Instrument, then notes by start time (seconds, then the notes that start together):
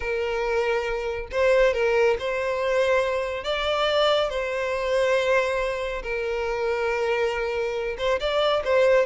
violin
0.00 A#4
1.31 C5
1.73 A#4
2.19 C5
3.44 D5
4.29 C5
6.02 A#4
7.98 C5
8.19 D5
8.64 C5